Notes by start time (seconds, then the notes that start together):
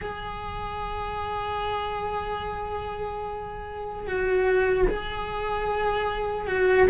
0.01 G#4
4.06 F#4
4.88 G#4
6.47 F#4